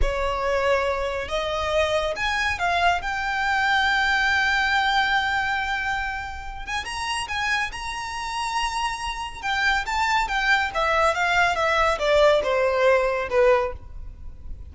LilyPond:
\new Staff \with { instrumentName = "violin" } { \time 4/4 \tempo 4 = 140 cis''2. dis''4~ | dis''4 gis''4 f''4 g''4~ | g''1~ | g''2.~ g''8 gis''8 |
ais''4 gis''4 ais''2~ | ais''2 g''4 a''4 | g''4 e''4 f''4 e''4 | d''4 c''2 b'4 | }